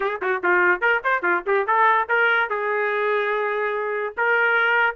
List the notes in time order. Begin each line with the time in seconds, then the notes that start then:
0.00 G#4
0.21 F#4
0.43 F4
0.81 A#4
1.04 C5
1.22 F4
1.46 G4
1.66 A4
2.08 A#4
2.49 G#4
4.17 A#4